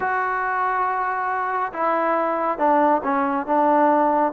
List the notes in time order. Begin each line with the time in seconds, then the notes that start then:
0.00 F#4
1.72 E4
2.58 D4
3.03 C#4
3.46 D4